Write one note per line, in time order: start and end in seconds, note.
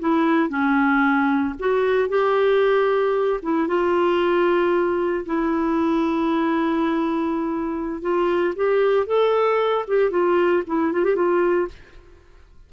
0.00 0.50 E4
0.50 1.55 C#4
1.60 2.09 F#4
2.09 3.41 G4
3.43 3.68 E4
3.68 5.26 F4
5.26 8.02 E4
8.02 8.55 F4
8.56 9.07 G4
9.07 9.86 A4
9.88 10.11 G4
10.11 10.64 F4
10.67 10.93 E4
10.93 11.05 F4
11.05 11.16 G4
11.16 11.69 F4